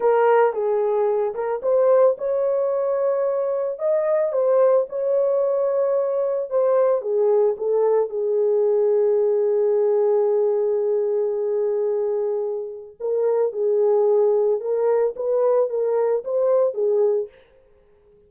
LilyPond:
\new Staff \with { instrumentName = "horn" } { \time 4/4 \tempo 4 = 111 ais'4 gis'4. ais'8 c''4 | cis''2. dis''4 | c''4 cis''2. | c''4 gis'4 a'4 gis'4~ |
gis'1~ | gis'1 | ais'4 gis'2 ais'4 | b'4 ais'4 c''4 gis'4 | }